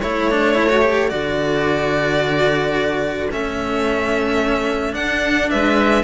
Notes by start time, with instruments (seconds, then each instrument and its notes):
0.00 cello A3 E4, clarinet A4, violin C#5
0.31 cello D4
0.54 cello E4
0.69 cello F#4
0.81 cello G4
1.08 cello D3 F#4, violin D5
3.31 cello A3 C#4, violin E5
4.93 cello D4, violin F#5
5.50 cello G#3, clarinet B4, violin E5